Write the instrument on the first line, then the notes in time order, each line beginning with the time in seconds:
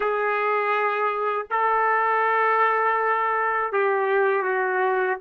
trumpet
0.00 G#4
1.50 A4
3.72 G4
4.42 F#4